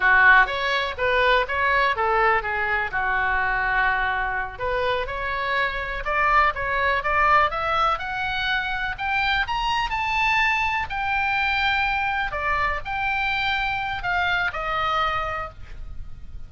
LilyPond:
\new Staff \with { instrumentName = "oboe" } { \time 4/4 \tempo 4 = 124 fis'4 cis''4 b'4 cis''4 | a'4 gis'4 fis'2~ | fis'4. b'4 cis''4.~ | cis''8 d''4 cis''4 d''4 e''8~ |
e''8 fis''2 g''4 ais''8~ | ais''8 a''2 g''4.~ | g''4. d''4 g''4.~ | g''4 f''4 dis''2 | }